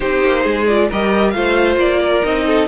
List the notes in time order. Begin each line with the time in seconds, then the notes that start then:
0.00 C4 D#4 G4 C5
0.23 A#3
0.43 G#3 G#4
0.66 F4 D5
0.89 G3 G4 A#4 D#5
1.30 A3 F4 C5 F5
1.76 A#3 D5
1.99 A#4
2.23 C4 D#4 D#5
2.46 A4